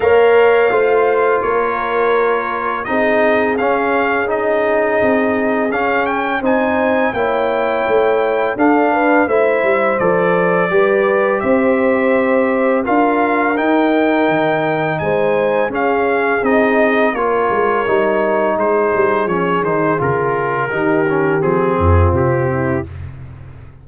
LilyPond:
<<
  \new Staff \with { instrumentName = "trumpet" } { \time 4/4 \tempo 4 = 84 f''2 cis''2 | dis''4 f''4 dis''2 | f''8 g''8 gis''4 g''2 | f''4 e''4 d''2 |
e''2 f''4 g''4~ | g''4 gis''4 f''4 dis''4 | cis''2 c''4 cis''8 c''8 | ais'2 gis'4 g'4 | }
  \new Staff \with { instrumentName = "horn" } { \time 4/4 cis''4 c''4 ais'2 | gis'1~ | gis'4 c''4 cis''2 | a'8 b'8 c''2 b'4 |
c''2 ais'2~ | ais'4 c''4 gis'2 | ais'2 gis'2~ | gis'4 g'4. f'4 e'8 | }
  \new Staff \with { instrumentName = "trombone" } { \time 4/4 ais'4 f'2. | dis'4 cis'4 dis'2 | cis'4 dis'4 e'2 | d'4 e'4 a'4 g'4~ |
g'2 f'4 dis'4~ | dis'2 cis'4 dis'4 | f'4 dis'2 cis'8 dis'8 | f'4 dis'8 cis'8 c'2 | }
  \new Staff \with { instrumentName = "tuba" } { \time 4/4 ais4 a4 ais2 | c'4 cis'2 c'4 | cis'4 c'4 ais4 a4 | d'4 a8 g8 f4 g4 |
c'2 d'4 dis'4 | dis4 gis4 cis'4 c'4 | ais8 gis8 g4 gis8 g8 f8 dis8 | cis4 dis4 f8 f,8 c4 | }
>>